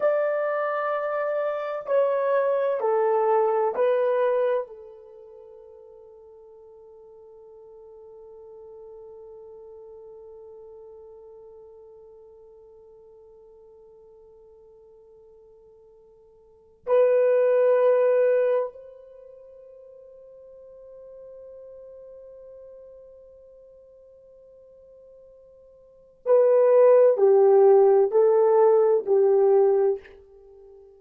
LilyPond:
\new Staff \with { instrumentName = "horn" } { \time 4/4 \tempo 4 = 64 d''2 cis''4 a'4 | b'4 a'2.~ | a'1~ | a'1~ |
a'2 b'2 | c''1~ | c''1 | b'4 g'4 a'4 g'4 | }